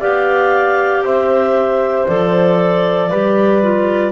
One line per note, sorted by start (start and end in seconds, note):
0.00 1.02 B3
0.00 2.07 G4
0.00 1.03 D5
0.00 1.04 F5
1.02 2.06 C4
1.02 3.09 C5
1.02 2.07 E5
2.07 3.11 F3
2.07 3.10 A4
2.07 4.11 D5
3.09 4.11 G3
3.09 3.62 G4
3.09 4.11 B4
3.62 4.11 F4